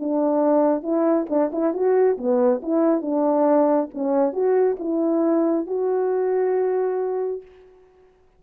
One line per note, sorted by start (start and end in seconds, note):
0.00 0.83 D4
0.83 1.27 E4
1.30 1.52 D4
1.53 1.74 E4
1.74 2.18 F#4
2.18 2.62 B3
2.63 3.02 E4
3.02 3.90 D4
3.95 4.33 C#4
4.33 4.77 F#4
4.80 5.67 E4
5.67 7.43 F#4